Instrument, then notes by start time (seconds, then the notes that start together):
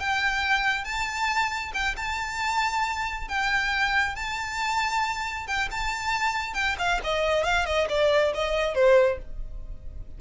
violin
0.00 G5
0.84 A5
1.74 G5
1.97 A5
3.28 G5
4.15 A5
5.47 G5
5.71 A5
6.54 G5
6.79 F5
7.04 D#5
7.44 F5
7.66 D#5
7.89 D5
8.34 D#5
8.75 C5